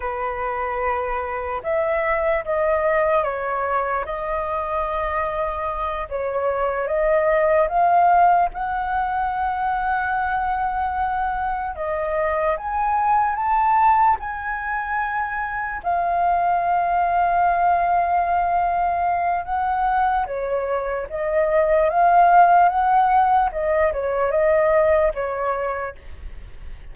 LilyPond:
\new Staff \with { instrumentName = "flute" } { \time 4/4 \tempo 4 = 74 b'2 e''4 dis''4 | cis''4 dis''2~ dis''8 cis''8~ | cis''8 dis''4 f''4 fis''4.~ | fis''2~ fis''8 dis''4 gis''8~ |
gis''8 a''4 gis''2 f''8~ | f''1 | fis''4 cis''4 dis''4 f''4 | fis''4 dis''8 cis''8 dis''4 cis''4 | }